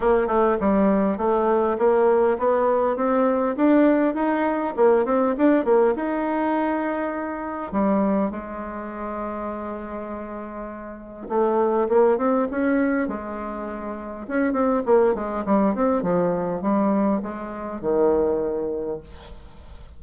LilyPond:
\new Staff \with { instrumentName = "bassoon" } { \time 4/4 \tempo 4 = 101 ais8 a8 g4 a4 ais4 | b4 c'4 d'4 dis'4 | ais8 c'8 d'8 ais8 dis'2~ | dis'4 g4 gis2~ |
gis2. a4 | ais8 c'8 cis'4 gis2 | cis'8 c'8 ais8 gis8 g8 c'8 f4 | g4 gis4 dis2 | }